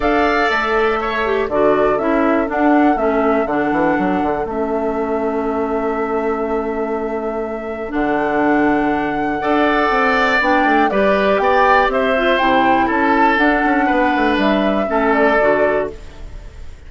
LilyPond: <<
  \new Staff \with { instrumentName = "flute" } { \time 4/4 \tempo 4 = 121 f''4 e''2 d''4 | e''4 fis''4 e''4 fis''4~ | fis''4 e''2.~ | e''1 |
fis''1~ | fis''4 g''4 d''4 g''4 | e''4 g''4 a''4 fis''4~ | fis''4 e''4. d''4. | }
  \new Staff \with { instrumentName = "oboe" } { \time 4/4 d''2 cis''4 a'4~ | a'1~ | a'1~ | a'1~ |
a'2. d''4~ | d''2 b'4 d''4 | c''2 a'2 | b'2 a'2 | }
  \new Staff \with { instrumentName = "clarinet" } { \time 4/4 a'2~ a'8 g'8 fis'4 | e'4 d'4 cis'4 d'4~ | d'4 cis'2.~ | cis'1 |
d'2. a'4~ | a'4 d'4 g'2~ | g'8 f'8 e'2 d'4~ | d'2 cis'4 fis'4 | }
  \new Staff \with { instrumentName = "bassoon" } { \time 4/4 d'4 a2 d4 | cis'4 d'4 a4 d8 e8 | fis8 d8 a2.~ | a1 |
d2. d'4 | c'4 b8 a8 g4 b4 | c'4 c4 cis'4 d'8 cis'8 | b8 a8 g4 a4 d4 | }
>>